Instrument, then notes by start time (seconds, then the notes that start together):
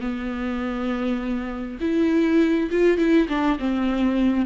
viola
0.00 B3
1.80 E4
2.71 F4
2.97 E4
3.28 D4
3.59 C4